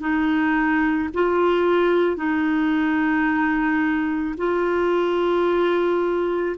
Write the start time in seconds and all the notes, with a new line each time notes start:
0.00 D#4
1.14 F4
2.16 D#4
4.37 F4